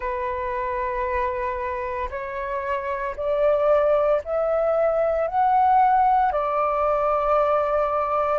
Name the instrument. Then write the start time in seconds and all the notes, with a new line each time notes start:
flute
0.00 B4
2.10 C#5
3.16 D5
4.24 E5
5.27 F#5
6.32 D5